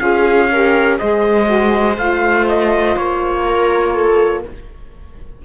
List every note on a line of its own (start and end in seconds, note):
0.00 0.99 C#4
0.00 0.49 F4
0.00 0.51 G#4
0.00 0.98 F5
0.51 1.00 G4
0.51 0.99 A#4
0.99 1.98 G#3
0.99 1.45 G#4
0.99 3.45 C5
0.99 1.97 D#5
1.45 1.95 F#4
1.98 2.96 A3
1.98 4.45 F4
1.98 2.47 F5
2.49 2.97 D#5
2.97 4.44 A#3
2.97 4.45 C#5
3.46 3.93 A#4
3.93 4.42 A4